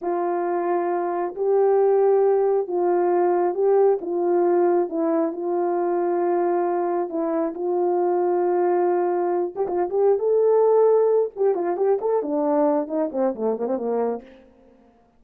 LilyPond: \new Staff \with { instrumentName = "horn" } { \time 4/4 \tempo 4 = 135 f'2. g'4~ | g'2 f'2 | g'4 f'2 e'4 | f'1 |
e'4 f'2.~ | f'4. g'16 f'8 g'8. a'4~ | a'4. g'8 f'8 g'8 a'8 d'8~ | d'4 dis'8 c'8 a8 ais16 c'16 ais4 | }